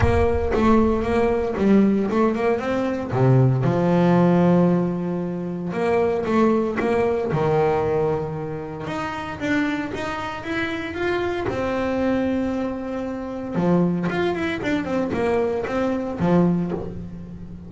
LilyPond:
\new Staff \with { instrumentName = "double bass" } { \time 4/4 \tempo 4 = 115 ais4 a4 ais4 g4 | a8 ais8 c'4 c4 f4~ | f2. ais4 | a4 ais4 dis2~ |
dis4 dis'4 d'4 dis'4 | e'4 f'4 c'2~ | c'2 f4 f'8 e'8 | d'8 c'8 ais4 c'4 f4 | }